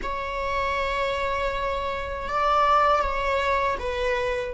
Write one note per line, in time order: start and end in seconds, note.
0.02 2.29 C#5
2.29 3.02 D5
3.02 3.78 C#5
3.79 4.54 B4